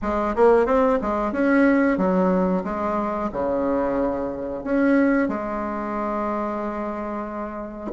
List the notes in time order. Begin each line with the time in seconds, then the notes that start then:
0.02 G#3
0.35 A#3
0.66 C4
1.01 G#3
1.32 C#4
1.98 F#3
2.64 G#3
3.32 C#3
4.64 C#4
5.28 G#3